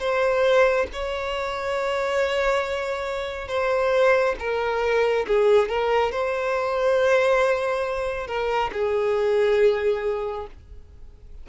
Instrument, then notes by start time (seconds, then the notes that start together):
violin
0.00 C5
0.93 C#5
3.49 C5
4.40 A#4
5.28 G#4
5.69 A#4
6.12 C5
8.28 A#4
8.74 G#4